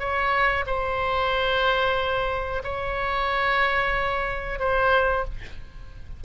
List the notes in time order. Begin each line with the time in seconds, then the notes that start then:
0.00 C#5
0.67 C5
2.64 C#5
4.59 C5